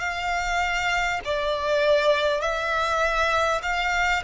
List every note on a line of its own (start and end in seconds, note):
0.00 1.20 F5
1.24 2.41 D5
2.41 3.61 E5
3.62 4.22 F5